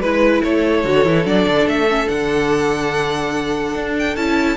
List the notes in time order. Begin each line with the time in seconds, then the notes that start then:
0.00 G#3 E4 B4
0.43 A3 A4 C#5
0.84 D3 F#4
1.04 E3 E4
1.24 F#3 D4 D5
1.46 D3
1.66 A3 E5
1.89 C#4
2.06 D3 D4 F#5
3.75 D4
3.99 G5
4.16 C#4 E4 A5